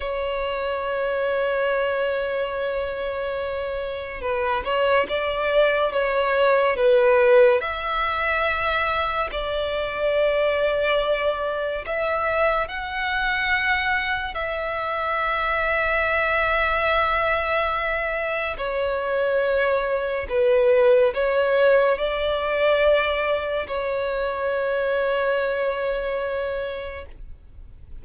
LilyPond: \new Staff \with { instrumentName = "violin" } { \time 4/4 \tempo 4 = 71 cis''1~ | cis''4 b'8 cis''8 d''4 cis''4 | b'4 e''2 d''4~ | d''2 e''4 fis''4~ |
fis''4 e''2.~ | e''2 cis''2 | b'4 cis''4 d''2 | cis''1 | }